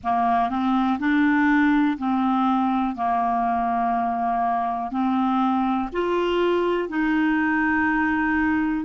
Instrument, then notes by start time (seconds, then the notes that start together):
clarinet
0.03 A#3
0.49 C4
0.99 D4
1.98 C4
2.95 A#3
4.91 C4
5.92 F4
6.89 D#4